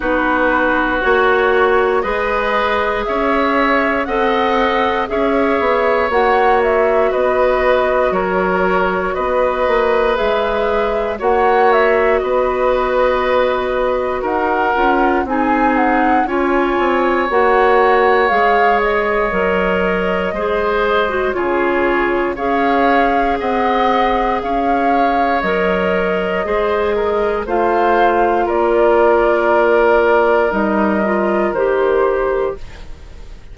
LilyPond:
<<
  \new Staff \with { instrumentName = "flute" } { \time 4/4 \tempo 4 = 59 b'4 cis''4 dis''4 e''4 | fis''4 e''4 fis''8 e''8 dis''4 | cis''4 dis''4 e''4 fis''8 e''8 | dis''2 fis''4 gis''8 fis''8 |
gis''4 fis''4 f''8 dis''4.~ | dis''4 cis''4 f''4 fis''4 | f''4 dis''2 f''4 | d''2 dis''4 c''4 | }
  \new Staff \with { instrumentName = "oboe" } { \time 4/4 fis'2 b'4 cis''4 | dis''4 cis''2 b'4 | ais'4 b'2 cis''4 | b'2 ais'4 gis'4 |
cis''1 | c''4 gis'4 cis''4 dis''4 | cis''2 c''8 ais'8 c''4 | ais'1 | }
  \new Staff \with { instrumentName = "clarinet" } { \time 4/4 dis'4 fis'4 gis'2 | a'4 gis'4 fis'2~ | fis'2 gis'4 fis'4~ | fis'2~ fis'8 f'8 dis'4 |
f'4 fis'4 gis'4 ais'4 | gis'8. fis'16 f'4 gis'2~ | gis'4 ais'4 gis'4 f'4~ | f'2 dis'8 f'8 g'4 | }
  \new Staff \with { instrumentName = "bassoon" } { \time 4/4 b4 ais4 gis4 cis'4 | c'4 cis'8 b8 ais4 b4 | fis4 b8 ais8 gis4 ais4 | b2 dis'8 cis'8 c'4 |
cis'8 c'8 ais4 gis4 fis4 | gis4 cis4 cis'4 c'4 | cis'4 fis4 gis4 a4 | ais2 g4 dis4 | }
>>